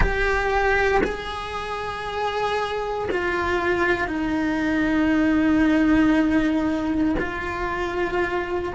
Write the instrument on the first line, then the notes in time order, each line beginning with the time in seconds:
cello
0.00 G4
1.03 G#4
3.11 F4
4.07 D#4
7.19 F4